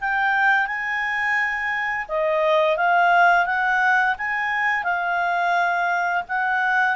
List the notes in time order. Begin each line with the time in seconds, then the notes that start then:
0.00 G5
0.67 G#5
2.08 D#5
2.77 F5
3.45 F#5
4.18 G#5
4.83 F5
6.28 F#5